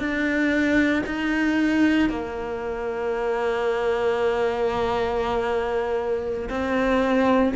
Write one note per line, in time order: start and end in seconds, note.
0.00 1.03 D4
1.06 2.10 D#4
2.10 6.49 A#3
6.50 7.53 C4